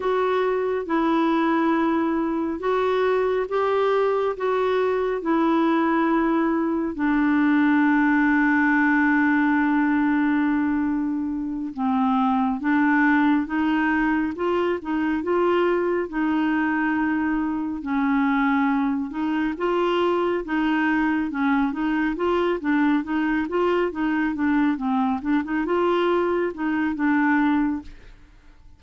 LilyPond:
\new Staff \with { instrumentName = "clarinet" } { \time 4/4 \tempo 4 = 69 fis'4 e'2 fis'4 | g'4 fis'4 e'2 | d'1~ | d'4. c'4 d'4 dis'8~ |
dis'8 f'8 dis'8 f'4 dis'4.~ | dis'8 cis'4. dis'8 f'4 dis'8~ | dis'8 cis'8 dis'8 f'8 d'8 dis'8 f'8 dis'8 | d'8 c'8 d'16 dis'16 f'4 dis'8 d'4 | }